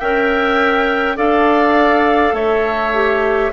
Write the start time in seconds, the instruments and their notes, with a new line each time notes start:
0.00 bassoon C#4, clarinet A#4, oboe E5, flute G5
1.16 bassoon D4, clarinet A4, oboe D5, flute F5
2.33 bassoon A3, oboe C#5, flute E5
2.94 clarinet G4